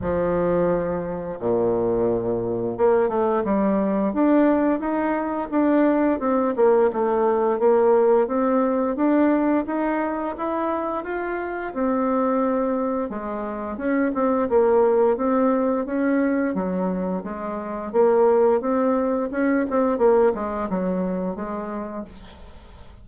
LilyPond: \new Staff \with { instrumentName = "bassoon" } { \time 4/4 \tempo 4 = 87 f2 ais,2 | ais8 a8 g4 d'4 dis'4 | d'4 c'8 ais8 a4 ais4 | c'4 d'4 dis'4 e'4 |
f'4 c'2 gis4 | cis'8 c'8 ais4 c'4 cis'4 | fis4 gis4 ais4 c'4 | cis'8 c'8 ais8 gis8 fis4 gis4 | }